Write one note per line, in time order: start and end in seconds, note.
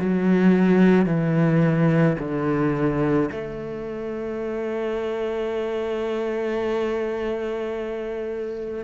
0.00 1.07 F#3
1.07 2.18 E3
2.19 3.30 D3
3.32 8.85 A3